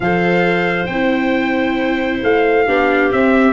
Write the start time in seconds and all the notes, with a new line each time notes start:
0.00 F3 A4 C5 F5
0.86 C4 G5
0.92 E4
2.23 A3 F5
2.66 B3 D4 G4
3.11 C4 E5